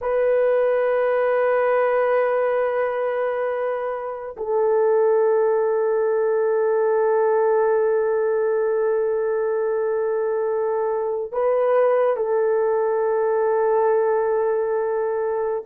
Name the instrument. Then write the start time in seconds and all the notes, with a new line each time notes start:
horn
0.01 B4
4.36 A4
11.32 B4
12.16 A4